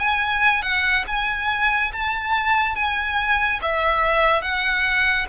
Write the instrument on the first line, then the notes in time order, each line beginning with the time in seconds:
violin
0.00 G#5
0.62 F#5
1.08 G#5
1.93 A5
2.76 G#5
3.62 E5
4.42 F#5